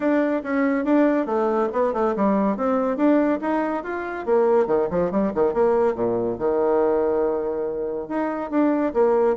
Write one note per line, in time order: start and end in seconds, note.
0.00 0.42 D4
0.43 0.84 C#4
0.84 1.26 D4
1.26 1.68 A3
1.72 1.93 B3
1.93 2.14 A3
2.16 2.56 G3
2.56 2.96 C4
2.96 3.39 D4
3.41 3.83 D#4
3.83 4.25 F4
4.25 4.67 A#3
4.67 4.88 D#3
4.90 5.11 F3
5.11 5.32 G3
5.34 5.53 D#3
5.53 5.95 A#3
5.95 6.37 A#2
6.38 8.08 D#3
8.08 8.50 D#4
8.50 8.93 D4
8.93 9.36 A#3